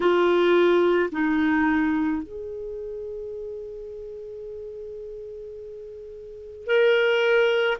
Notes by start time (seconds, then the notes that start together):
0.00 F4
1.11 D#4
2.22 G#4
6.66 A#4